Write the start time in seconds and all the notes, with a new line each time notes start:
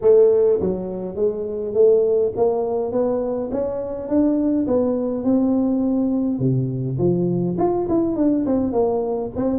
0.01 A3
0.60 F#3
1.15 G#3
1.74 A3
2.36 A#3
2.92 B3
3.51 C#4
4.08 D4
4.67 B3
5.24 C4
6.39 C3
6.98 F3
7.58 F4
7.88 E4
8.16 D4
8.45 C4
8.72 A#3
9.35 C4